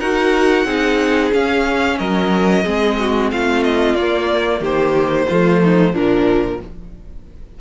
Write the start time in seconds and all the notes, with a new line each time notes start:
0.00 D#4 F#4 A#4 F#5
0.65 C4 D#4 G#4
1.32 C#4 F5
1.98 F#3 A#4 D#5
2.64 G#3 C4 G#4
3.00 F#4
3.31 A3 F4 F5
3.64 D#5
3.95 A#3 D5
4.60 D#3 G4 C5
5.29 F3 A3 F4
5.64 D#4
5.93 A#2 F3 D4 A#4